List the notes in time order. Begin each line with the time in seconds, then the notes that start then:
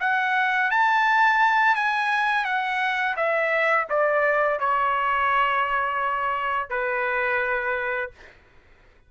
0.00 F#5
0.71 A5
1.75 G#5
2.44 F#5
3.16 E5
3.90 D5
4.60 C#5
6.69 B4